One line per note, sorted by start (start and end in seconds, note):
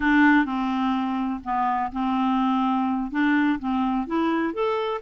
0.00 0.45 D4
0.45 1.40 C4
1.44 1.91 B3
1.92 3.11 C4
3.11 3.58 D4
3.59 4.06 C4
4.06 4.53 E4
4.53 5.01 A4